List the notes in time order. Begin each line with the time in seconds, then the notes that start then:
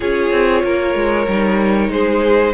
0.00 C#4 F4 G#4 C#5
0.31 C4
0.64 A#3 A#4
0.95 G#3
1.27 G3 D#4
1.88 G#3 G#4 C5